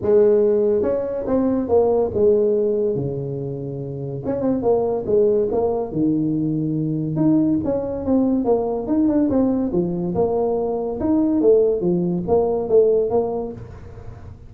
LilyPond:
\new Staff \with { instrumentName = "tuba" } { \time 4/4 \tempo 4 = 142 gis2 cis'4 c'4 | ais4 gis2 cis4~ | cis2 cis'8 c'8 ais4 | gis4 ais4 dis2~ |
dis4 dis'4 cis'4 c'4 | ais4 dis'8 d'8 c'4 f4 | ais2 dis'4 a4 | f4 ais4 a4 ais4 | }